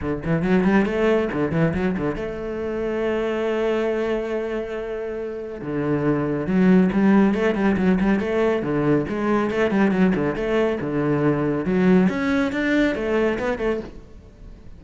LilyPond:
\new Staff \with { instrumentName = "cello" } { \time 4/4 \tempo 4 = 139 d8 e8 fis8 g8 a4 d8 e8 | fis8 d8 a2.~ | a1~ | a4 d2 fis4 |
g4 a8 g8 fis8 g8 a4 | d4 gis4 a8 g8 fis8 d8 | a4 d2 fis4 | cis'4 d'4 a4 b8 a8 | }